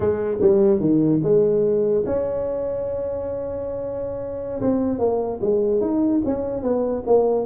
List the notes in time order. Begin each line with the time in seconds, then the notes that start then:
0.00 G#3
0.41 G3
0.80 D#3
1.23 G#3
2.05 C#4
4.61 C4
4.98 A#3
5.41 G#3
5.81 D#4
6.25 C#4
6.62 B3
7.06 A#3